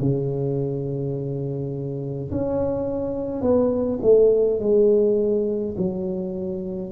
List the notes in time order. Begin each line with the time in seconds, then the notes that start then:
0.00 C#3
2.31 C#4
3.42 B3
4.02 A3
4.60 G#3
5.77 F#3